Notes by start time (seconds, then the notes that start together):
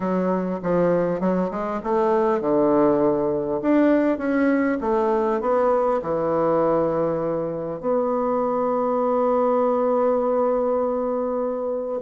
0.00 F#3
0.62 F3
1.20 F#3
1.51 G#3
1.83 A3
2.40 D3
3.62 D4
4.18 C#4
4.80 A3
5.40 B3
6.02 E3
7.80 B3